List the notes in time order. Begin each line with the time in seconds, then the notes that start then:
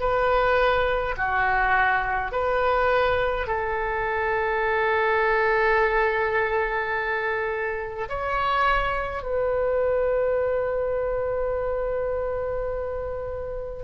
0.00 B4
1.17 F#4
2.32 B4
3.47 A4
8.09 C#5
9.23 B4